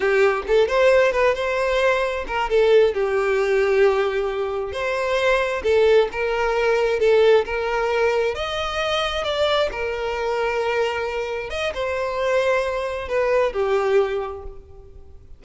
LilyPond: \new Staff \with { instrumentName = "violin" } { \time 4/4 \tempo 4 = 133 g'4 a'8 c''4 b'8 c''4~ | c''4 ais'8 a'4 g'4.~ | g'2~ g'8 c''4.~ | c''8 a'4 ais'2 a'8~ |
a'8 ais'2 dis''4.~ | dis''8 d''4 ais'2~ ais'8~ | ais'4. dis''8 c''2~ | c''4 b'4 g'2 | }